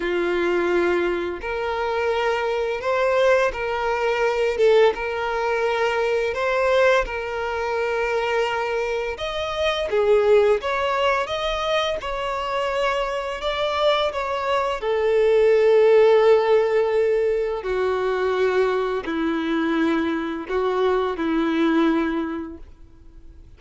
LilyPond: \new Staff \with { instrumentName = "violin" } { \time 4/4 \tempo 4 = 85 f'2 ais'2 | c''4 ais'4. a'8 ais'4~ | ais'4 c''4 ais'2~ | ais'4 dis''4 gis'4 cis''4 |
dis''4 cis''2 d''4 | cis''4 a'2.~ | a'4 fis'2 e'4~ | e'4 fis'4 e'2 | }